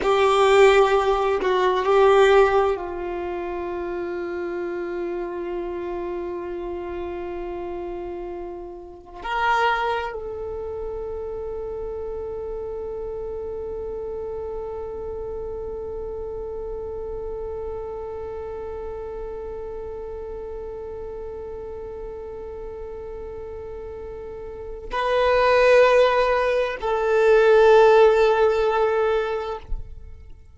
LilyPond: \new Staff \with { instrumentName = "violin" } { \time 4/4 \tempo 4 = 65 g'4. fis'8 g'4 f'4~ | f'1~ | f'2 ais'4 a'4~ | a'1~ |
a'1~ | a'1~ | a'2. b'4~ | b'4 a'2. | }